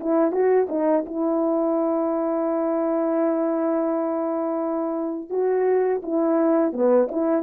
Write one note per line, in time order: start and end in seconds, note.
0.00 0.32 E4
0.32 0.68 F#4
0.69 1.05 D#4
1.06 5.30 E4
5.30 6.01 F#4
6.03 6.73 E4
6.73 7.08 B3
7.11 7.43 E4